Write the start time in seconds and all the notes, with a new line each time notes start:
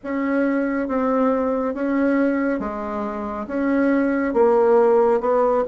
0.03 C#4
0.88 C4
1.74 C#4
2.59 G#3
3.47 C#4
4.33 A#3
5.20 B3